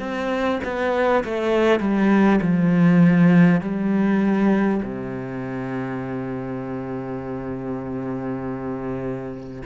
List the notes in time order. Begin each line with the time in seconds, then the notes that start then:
0.00 C4
0.64 B3
1.24 A3
1.81 G3
2.42 F3
3.62 G3
4.83 C3